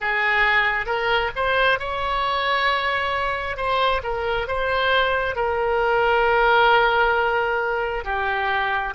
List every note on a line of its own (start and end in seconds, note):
0.00 0.85 G#4
0.85 1.30 A#4
1.35 1.79 C5
1.79 3.56 C#5
3.56 4.01 C5
4.03 4.47 A#4
4.47 5.35 C5
5.35 8.04 A#4
8.04 8.93 G4